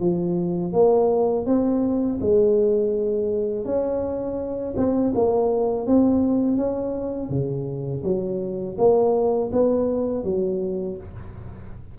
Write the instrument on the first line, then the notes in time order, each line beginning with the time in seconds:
tuba
0.00 F3
0.73 A#3
1.46 C4
2.21 G#3
3.66 C#4
4.77 C4
5.15 A#3
5.87 C4
6.58 C#4
7.30 C#3
8.04 F#3
8.78 A#3
9.53 B3
10.24 F#3